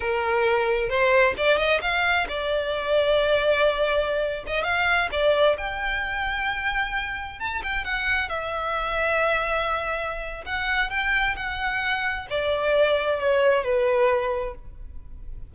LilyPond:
\new Staff \with { instrumentName = "violin" } { \time 4/4 \tempo 4 = 132 ais'2 c''4 d''8 dis''8 | f''4 d''2.~ | d''4.~ d''16 dis''8 f''4 d''8.~ | d''16 g''2.~ g''8.~ |
g''16 a''8 g''8 fis''4 e''4.~ e''16~ | e''2. fis''4 | g''4 fis''2 d''4~ | d''4 cis''4 b'2 | }